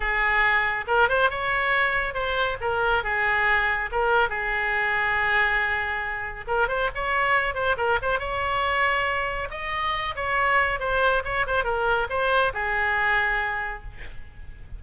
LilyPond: \new Staff \with { instrumentName = "oboe" } { \time 4/4 \tempo 4 = 139 gis'2 ais'8 c''8 cis''4~ | cis''4 c''4 ais'4 gis'4~ | gis'4 ais'4 gis'2~ | gis'2. ais'8 c''8 |
cis''4. c''8 ais'8 c''8 cis''4~ | cis''2 dis''4. cis''8~ | cis''4 c''4 cis''8 c''8 ais'4 | c''4 gis'2. | }